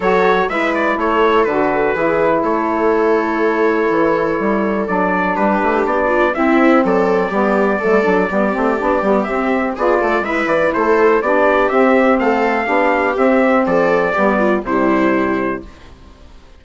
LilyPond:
<<
  \new Staff \with { instrumentName = "trumpet" } { \time 4/4 \tempo 4 = 123 cis''4 e''8 d''8 cis''4 b'4~ | b'4 cis''2.~ | cis''2 d''4 b'4 | d''4 e''4 d''2~ |
d''2. e''4 | d''4 e''8 d''8 c''4 d''4 | e''4 f''2 e''4 | d''2 c''2 | }
  \new Staff \with { instrumentName = "viola" } { \time 4/4 a'4 b'4 a'2 | gis'4 a'2.~ | a'2. g'4~ | g'8 f'8 e'4 a'4 g'4 |
a'4 g'2. | gis'8 a'8 b'4 a'4 g'4~ | g'4 a'4 g'2 | a'4 g'8 f'8 e'2 | }
  \new Staff \with { instrumentName = "saxophone" } { \time 4/4 fis'4 e'2 fis'4 | e'1~ | e'2 d'2~ | d'4 c'2 b4 |
a8 d'8 b8 c'8 d'8 b8 c'4 | f'4 e'2 d'4 | c'2 d'4 c'4~ | c'4 b4 g2 | }
  \new Staff \with { instrumentName = "bassoon" } { \time 4/4 fis4 gis4 a4 d4 | e4 a2. | e4 g4 fis4 g8 a8 | b4 c'4 fis4 g4 |
fis16 g16 fis8 g8 a8 b8 g8 c'4 | b8 a8 gis8 e8 a4 b4 | c'4 a4 b4 c'4 | f4 g4 c2 | }
>>